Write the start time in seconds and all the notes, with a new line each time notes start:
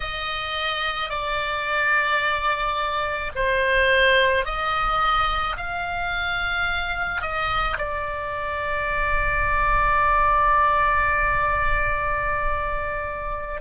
0.00 D#5
1.09 D5
3.35 C5
4.45 D#5
5.56 F5
7.21 D#5
7.78 D5